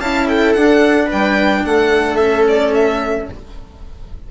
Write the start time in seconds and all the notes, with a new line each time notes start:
0.00 C#4 E4 F5 A5
0.27 A4 G5
0.53 D4 F#5
1.06 B4 G5
1.13 G3
1.65 A3 A4 F#5
2.16 C#4 E5
2.48 D5
2.75 E5